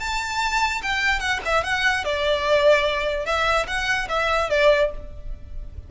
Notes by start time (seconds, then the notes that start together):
0.00 A5
0.83 G5
1.20 F#5
1.45 E5
1.64 F#5
2.05 D5
3.26 E5
3.67 F#5
4.09 E5
4.50 D5